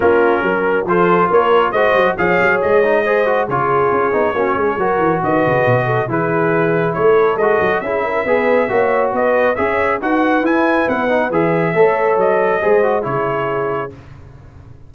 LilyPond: <<
  \new Staff \with { instrumentName = "trumpet" } { \time 4/4 \tempo 4 = 138 ais'2 c''4 cis''4 | dis''4 f''4 dis''2 | cis''1 | dis''2 b'2 |
cis''4 dis''4 e''2~ | e''4 dis''4 e''4 fis''4 | gis''4 fis''4 e''2 | dis''2 cis''2 | }
  \new Staff \with { instrumentName = "horn" } { \time 4/4 f'4 ais'4 a'4 ais'4 | c''4 cis''2 c''4 | gis'2 fis'8 gis'8 ais'4 | b'4. a'8 gis'2 |
a'2 gis'8 ais'8 b'4 | cis''4 b'4 cis''4 b'4~ | b'2. cis''4~ | cis''4 c''4 gis'2 | }
  \new Staff \with { instrumentName = "trombone" } { \time 4/4 cis'2 f'2 | fis'4 gis'4. dis'8 gis'8 fis'8 | f'4. dis'8 cis'4 fis'4~ | fis'2 e'2~ |
e'4 fis'4 e'4 gis'4 | fis'2 gis'4 fis'4 | e'4. dis'8 gis'4 a'4~ | a'4 gis'8 fis'8 e'2 | }
  \new Staff \with { instrumentName = "tuba" } { \time 4/4 ais4 fis4 f4 ais4 | gis8 fis8 f8 fis8 gis2 | cis4 cis'8 b8 ais8 gis8 fis8 e8 | dis8 cis8 b,4 e2 |
a4 gis8 fis8 cis'4 b4 | ais4 b4 cis'4 dis'4 | e'4 b4 e4 a4 | fis4 gis4 cis2 | }
>>